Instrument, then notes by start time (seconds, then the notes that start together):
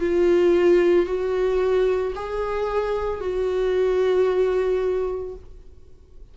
viola
0.00 F4
1.06 F#4
2.15 G#4
3.20 F#4